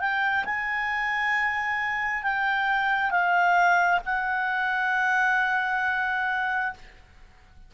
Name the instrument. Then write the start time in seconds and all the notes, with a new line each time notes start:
clarinet
0.00 G5
0.45 G#5
2.23 G5
3.11 F5
4.05 F#5